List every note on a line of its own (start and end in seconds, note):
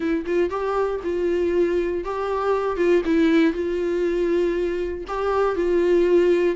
0.00 0.25 E4
0.25 0.50 F4
0.50 1.00 G4
1.03 2.04 F4
2.04 2.76 G4
2.76 3.01 F4
3.05 3.53 E4
3.53 5.04 F4
5.07 5.55 G4
5.55 6.55 F4